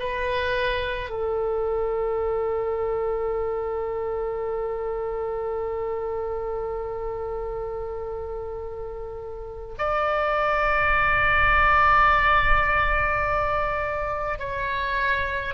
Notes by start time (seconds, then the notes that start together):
0.00 B4
1.10 A4
9.78 D5
14.39 C#5